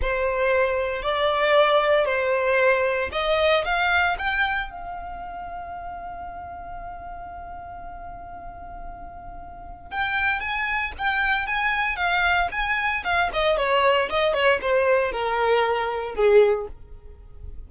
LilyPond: \new Staff \with { instrumentName = "violin" } { \time 4/4 \tempo 4 = 115 c''2 d''2 | c''2 dis''4 f''4 | g''4 f''2.~ | f''1~ |
f''2. g''4 | gis''4 g''4 gis''4 f''4 | gis''4 f''8 dis''8 cis''4 dis''8 cis''8 | c''4 ais'2 gis'4 | }